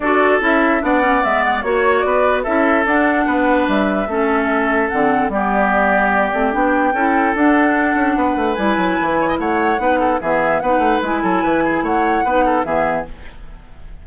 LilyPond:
<<
  \new Staff \with { instrumentName = "flute" } { \time 4/4 \tempo 4 = 147 d''4 e''4 fis''4 e''8 fis''8 | cis''4 d''4 e''4 fis''4~ | fis''4 e''2. | fis''4 d''2. |
g''2 fis''2~ | fis''4 gis''2 fis''4~ | fis''4 e''4 fis''4 gis''4~ | gis''4 fis''2 e''4 | }
  \new Staff \with { instrumentName = "oboe" } { \time 4/4 a'2 d''2 | cis''4 b'4 a'2 | b'2 a'2~ | a'4 g'2.~ |
g'4 a'2. | b'2~ b'8 cis''16 dis''16 cis''4 | b'8 a'8 gis'4 b'4. a'8 | b'8 gis'8 cis''4 b'8 a'8 gis'4 | }
  \new Staff \with { instrumentName = "clarinet" } { \time 4/4 fis'4 e'4 d'8 cis'8 b4 | fis'2 e'4 d'4~ | d'2 cis'2 | c'4 b2~ b8 c'8 |
d'4 e'4 d'2~ | d'4 e'2. | dis'4 b4 dis'4 e'4~ | e'2 dis'4 b4 | }
  \new Staff \with { instrumentName = "bassoon" } { \time 4/4 d'4 cis'4 b4 gis4 | ais4 b4 cis'4 d'4 | b4 g4 a2 | d4 g2~ g8 a8 |
b4 cis'4 d'4. cis'8 | b8 a8 g8 fis8 e4 a4 | b4 e4 b8 a8 gis8 fis8 | e4 a4 b4 e4 | }
>>